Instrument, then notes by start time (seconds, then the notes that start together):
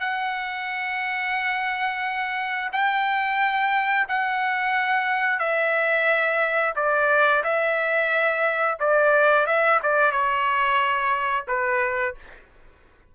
trumpet
0.00 F#5
2.72 G5
4.08 F#5
5.39 E5
6.76 D5
7.44 E5
8.79 D5
9.46 E5
9.83 D5
10.12 C#5
11.48 B4